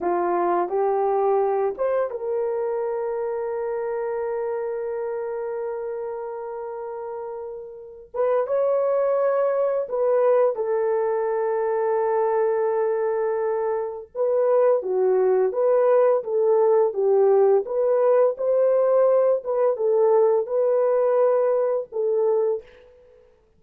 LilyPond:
\new Staff \with { instrumentName = "horn" } { \time 4/4 \tempo 4 = 85 f'4 g'4. c''8 ais'4~ | ais'1~ | ais'2.~ ais'8 b'8 | cis''2 b'4 a'4~ |
a'1 | b'4 fis'4 b'4 a'4 | g'4 b'4 c''4. b'8 | a'4 b'2 a'4 | }